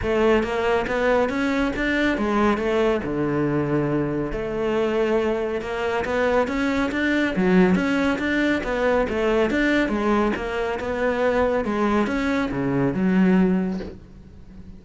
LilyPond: \new Staff \with { instrumentName = "cello" } { \time 4/4 \tempo 4 = 139 a4 ais4 b4 cis'4 | d'4 gis4 a4 d4~ | d2 a2~ | a4 ais4 b4 cis'4 |
d'4 fis4 cis'4 d'4 | b4 a4 d'4 gis4 | ais4 b2 gis4 | cis'4 cis4 fis2 | }